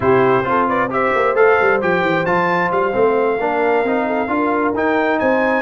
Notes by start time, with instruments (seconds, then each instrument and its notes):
0.00 tuba C3, trombone E4, horn G4, trumpet C5
0.44 tuba C4, trombone F4, horn A4
0.68 horn B4, trumpet D5
0.90 trombone G4, horn C5, trumpet E5
1.15 tuba A#3
1.34 tuba A3, trombone A4, trumpet F5
1.61 tuba G3
1.81 tuba F3, trombone G4, trumpet G5
2.02 tuba E3
2.25 tuba F3, trombone F4, trumpet A5
2.71 tuba G3, trumpet F5
2.92 tuba A3, trombone C4
3.39 tuba A#3, trombone D4, horn A#4
3.83 tuba C4, trombone D#4
4.06 horn A4
4.28 tuba D4, trombone F4, horn A#4
4.73 tuba D#4, trombone D#4, trumpet G5
5.19 tuba C4, horn C5, trumpet G#5